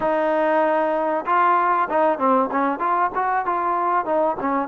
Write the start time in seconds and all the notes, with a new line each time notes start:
0.00 D#4
1.26 F4
1.89 D#4
2.18 C4
2.51 C#4
2.79 F4
3.14 F#4
3.45 F4
4.05 D#4
4.40 C#4